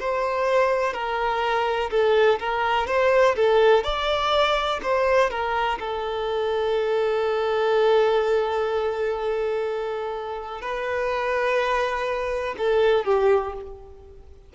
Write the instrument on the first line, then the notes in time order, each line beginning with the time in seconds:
violin
0.00 C5
0.94 A#4
1.91 A4
2.39 A#4
2.87 C5
3.36 A4
3.84 D5
4.83 C5
5.30 A#4
5.80 A4
10.61 B4
12.58 A4
13.05 G4